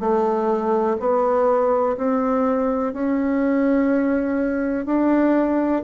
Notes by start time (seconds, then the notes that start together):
0.00 A3
0.99 B3
1.97 C4
2.93 C#4
4.86 D4